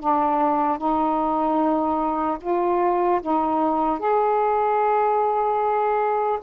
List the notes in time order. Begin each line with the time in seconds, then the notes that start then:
0.00 D4
0.78 D#4
2.41 F4
3.22 D#4
3.99 G#4